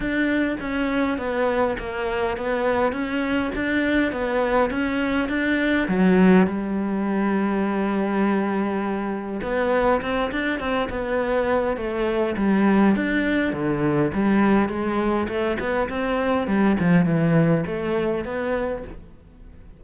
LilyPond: \new Staff \with { instrumentName = "cello" } { \time 4/4 \tempo 4 = 102 d'4 cis'4 b4 ais4 | b4 cis'4 d'4 b4 | cis'4 d'4 fis4 g4~ | g1 |
b4 c'8 d'8 c'8 b4. | a4 g4 d'4 d4 | g4 gis4 a8 b8 c'4 | g8 f8 e4 a4 b4 | }